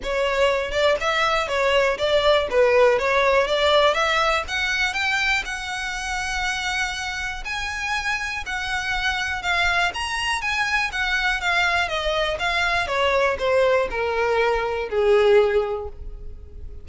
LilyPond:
\new Staff \with { instrumentName = "violin" } { \time 4/4 \tempo 4 = 121 cis''4. d''8 e''4 cis''4 | d''4 b'4 cis''4 d''4 | e''4 fis''4 g''4 fis''4~ | fis''2. gis''4~ |
gis''4 fis''2 f''4 | ais''4 gis''4 fis''4 f''4 | dis''4 f''4 cis''4 c''4 | ais'2 gis'2 | }